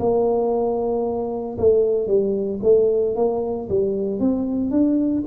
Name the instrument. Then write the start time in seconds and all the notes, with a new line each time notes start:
tuba
0.00 A#3
1.59 A3
2.08 G3
2.64 A3
3.16 A#3
3.70 G3
4.20 C4
4.71 D4